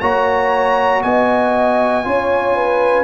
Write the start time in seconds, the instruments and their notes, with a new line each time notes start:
0.00 tuba A#3, trombone F#4, horn C#5, trumpet A#5
1.03 tuba B3, horn D#5, trumpet G#5
2.04 tuba C#4, trombone F4, horn C#5
2.56 horn B4